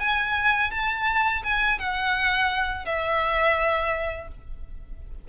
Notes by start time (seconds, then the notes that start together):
0.00 G#5
0.71 A5
1.44 G#5
1.79 F#5
2.86 E5